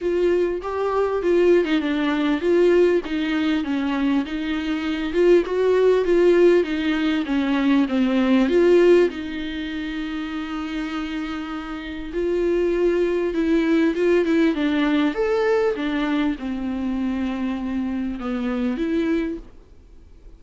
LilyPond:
\new Staff \with { instrumentName = "viola" } { \time 4/4 \tempo 4 = 99 f'4 g'4 f'8. dis'16 d'4 | f'4 dis'4 cis'4 dis'4~ | dis'8 f'8 fis'4 f'4 dis'4 | cis'4 c'4 f'4 dis'4~ |
dis'1 | f'2 e'4 f'8 e'8 | d'4 a'4 d'4 c'4~ | c'2 b4 e'4 | }